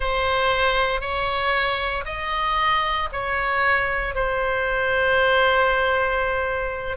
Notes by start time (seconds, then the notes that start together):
0.00 C5
1.01 C#5
2.05 D#5
3.12 C#5
4.14 C5